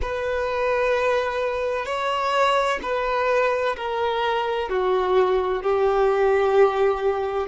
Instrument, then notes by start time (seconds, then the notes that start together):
violin
0.01 B4
1.85 C#5
2.82 B4
3.76 A#4
4.69 F#4
5.62 G4